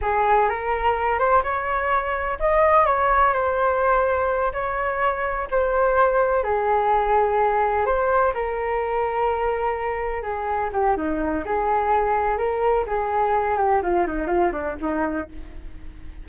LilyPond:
\new Staff \with { instrumentName = "flute" } { \time 4/4 \tempo 4 = 126 gis'4 ais'4. c''8 cis''4~ | cis''4 dis''4 cis''4 c''4~ | c''4. cis''2 c''8~ | c''4. gis'2~ gis'8~ |
gis'8 c''4 ais'2~ ais'8~ | ais'4. gis'4 g'8 dis'4 | gis'2 ais'4 gis'4~ | gis'8 g'8 f'8 dis'8 f'8 d'8 dis'4 | }